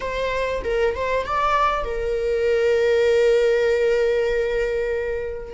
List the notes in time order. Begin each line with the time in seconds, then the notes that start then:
0.00 C5
0.64 A#4
0.95 C5
1.26 D5
1.84 A#4